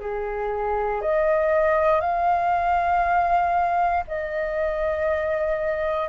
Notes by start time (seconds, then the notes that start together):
0.00 G#4
1.02 D#5
2.01 F5
4.08 D#5